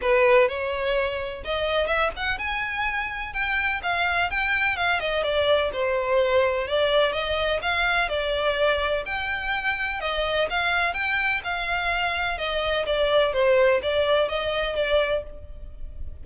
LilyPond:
\new Staff \with { instrumentName = "violin" } { \time 4/4 \tempo 4 = 126 b'4 cis''2 dis''4 | e''8 fis''8 gis''2 g''4 | f''4 g''4 f''8 dis''8 d''4 | c''2 d''4 dis''4 |
f''4 d''2 g''4~ | g''4 dis''4 f''4 g''4 | f''2 dis''4 d''4 | c''4 d''4 dis''4 d''4 | }